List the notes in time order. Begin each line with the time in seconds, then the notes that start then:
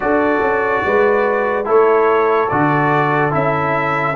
0.00 D4 F#4 A4 D5
0.40 C#4
0.85 G#3 B4
1.64 A3 E4 A4 C#5
2.48 D3 F#4 D5
3.31 C#4 E4 E5